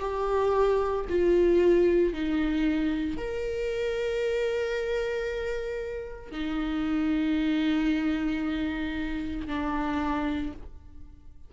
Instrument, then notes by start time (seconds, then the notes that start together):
viola
0.00 G4
1.10 F4
2.13 D#4
3.17 A#4
6.32 D#4
9.48 D4